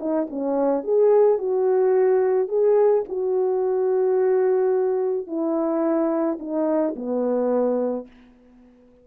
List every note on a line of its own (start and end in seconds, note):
0.00 0.28 D#4
0.30 0.84 C#4
0.84 1.39 G#4
1.39 2.48 F#4
2.48 3.04 G#4
3.09 5.27 F#4
5.27 6.38 E4
6.40 6.95 D#4
6.96 8.07 B3